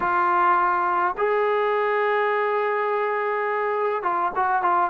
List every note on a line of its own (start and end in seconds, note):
0.00 1.15 F4
1.17 4.03 G#4
4.03 4.31 F4
4.35 4.62 F#4
4.62 4.90 F4